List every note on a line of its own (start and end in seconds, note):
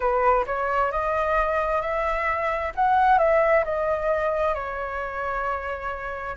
0.00 0.45 B4
0.46 0.91 C#5
0.91 1.81 D#5
1.81 2.72 E5
2.75 3.18 F#5
3.18 3.64 E5
3.64 4.54 D#5
4.54 6.36 C#5